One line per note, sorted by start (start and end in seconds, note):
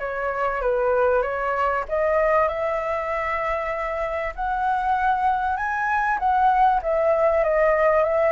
0.00 0.62 C#5
0.62 1.23 B4
1.23 1.85 C#5
1.89 2.49 D#5
2.49 4.34 E5
4.36 5.57 F#5
5.57 6.19 G#5
6.20 6.82 F#5
6.83 7.44 E5
7.44 8.04 D#5
8.04 8.33 E5